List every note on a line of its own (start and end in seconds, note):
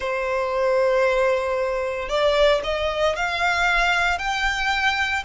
0.00 2.08 C5
2.08 2.61 D5
2.63 3.16 D#5
3.16 4.18 F5
4.18 5.23 G5